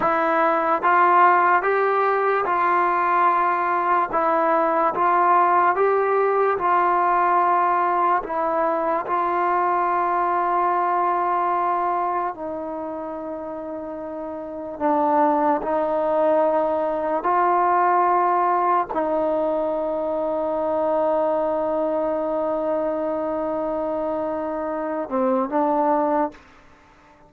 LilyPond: \new Staff \with { instrumentName = "trombone" } { \time 4/4 \tempo 4 = 73 e'4 f'4 g'4 f'4~ | f'4 e'4 f'4 g'4 | f'2 e'4 f'4~ | f'2. dis'4~ |
dis'2 d'4 dis'4~ | dis'4 f'2 dis'4~ | dis'1~ | dis'2~ dis'8 c'8 d'4 | }